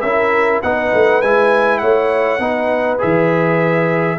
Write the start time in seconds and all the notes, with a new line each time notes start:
0.00 C#4 E4 A#4 E5
0.62 B3 D#4 B4 F#5
0.93 A3
1.21 G#3 E4 G#5
1.78 A3 C#5 F#5
2.39 B3 D#4 B4
2.98 E3 G#4 E5